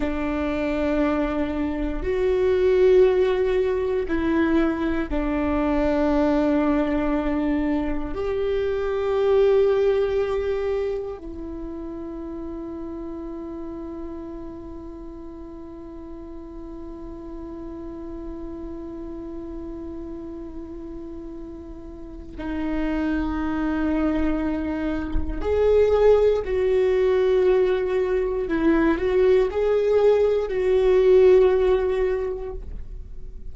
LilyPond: \new Staff \with { instrumentName = "viola" } { \time 4/4 \tempo 4 = 59 d'2 fis'2 | e'4 d'2. | g'2. e'4~ | e'1~ |
e'1~ | e'2 dis'2~ | dis'4 gis'4 fis'2 | e'8 fis'8 gis'4 fis'2 | }